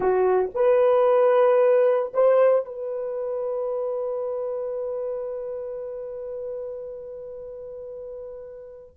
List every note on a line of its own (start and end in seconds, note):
0.00 0.49 F#4
0.54 2.12 B4
2.13 2.65 C5
2.65 8.96 B4